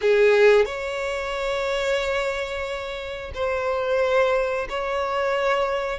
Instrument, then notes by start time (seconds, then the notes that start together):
violin
0.01 G#4
0.65 C#5
3.34 C5
4.69 C#5